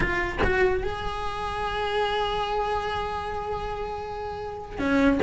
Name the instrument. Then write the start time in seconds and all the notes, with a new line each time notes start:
cello
0.00 F4
0.44 F#4
0.83 G#4
4.78 C#4